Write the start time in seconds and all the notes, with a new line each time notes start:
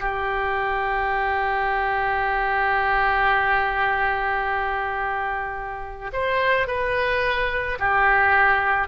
0.00 G4
6.13 C5
6.67 B4
7.79 G4